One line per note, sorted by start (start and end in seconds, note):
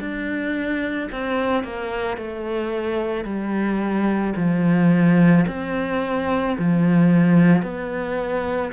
0.00 1.09 D4
1.12 1.64 C4
1.64 2.17 A#3
2.17 3.25 A3
3.25 4.34 G3
4.36 5.45 F3
5.48 6.57 C4
6.59 7.63 F3
7.63 8.72 B3